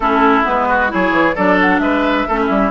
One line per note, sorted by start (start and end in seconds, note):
0.00 0.43 A3
0.00 0.43 C#4
0.00 0.68 E4
0.00 0.44 A4
0.43 0.93 G#3
0.43 0.88 B3
0.43 0.91 B4
0.68 0.91 F#4
0.88 1.11 F#3
0.88 1.34 E4
0.88 1.35 G#4
0.88 1.35 C#5
1.11 1.34 E3
1.35 1.79 F#3
1.35 2.28 D4
1.35 1.80 A4
1.35 1.58 D5
1.60 1.79 F#5
1.79 2.25 G#3
1.79 2.28 B4
1.79 2.70 E5
2.28 2.49 A3
2.28 2.70 C#4
2.28 2.39 A4
2.41 2.70 E4
2.49 2.70 G3